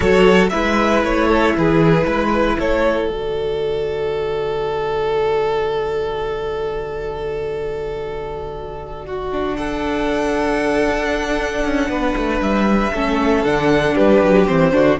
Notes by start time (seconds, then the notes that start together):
0.00 F#3 F#4 A4 C#5
0.49 G#3 E4 B4 E5
1.03 A3 C#5
1.27 A4
1.56 E3 G#4 B4
2.05 G#3 B4
2.59 A3 A4 C#5
3.09 D3 F#4 D5
9.05 F#4
9.32 D4
9.56 A4 F#5
10.88 D4
11.65 C#4
11.88 B3 B4
12.16 A3
12.40 G3 E5
12.93 A3 C#4 A4
13.44 D3 D4 F#5
13.94 G3 G4 B4
14.21 F#3
14.46 E3 C4 C5
14.72 D3 D4 F#4